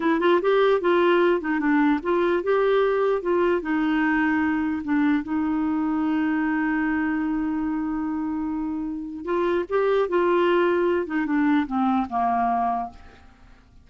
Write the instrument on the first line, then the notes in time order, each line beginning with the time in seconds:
clarinet
0.00 E4
0.20 F4
0.41 G4
0.80 F4
1.40 D#4
1.59 D4
2.02 F4
2.43 G4
3.22 F4
3.61 D#4
4.83 D4
5.23 D#4
9.24 F4
9.69 G4
10.08 F4
11.06 D#4
11.26 D4
11.66 C4
12.09 A#3